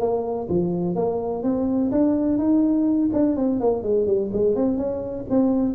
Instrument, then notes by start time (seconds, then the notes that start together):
tuba
0.00 A#3
0.49 F3
0.96 A#3
1.43 C4
1.92 D4
2.39 D#4
3.14 D4
3.37 C4
3.60 A#3
3.83 G#3
4.07 G3
4.34 G#3
4.56 C4
4.78 C#4
5.30 C4